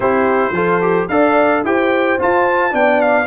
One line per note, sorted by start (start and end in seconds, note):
0.00 0.50 C4
0.00 0.53 E4
0.00 0.53 G4
0.00 1.08 C5
0.50 1.05 F3
0.50 0.81 F4
0.50 1.09 A4
0.81 1.08 G4
1.08 1.63 D4
1.08 1.64 A4
1.08 1.64 D5
1.08 1.63 F5
1.64 2.18 E4
1.64 2.19 G4
1.64 2.73 C5
1.64 2.20 G5
2.19 2.70 F4
2.19 2.73 F4
2.19 2.74 A5
2.70 3.26 B3
2.70 3.25 D4
2.70 3.26 D5
2.70 3.00 G5
3.00 3.26 F5